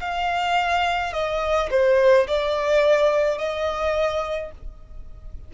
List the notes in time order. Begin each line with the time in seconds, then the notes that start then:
0.00 F5
1.13 D#5
1.70 C5
2.27 D5
3.38 D#5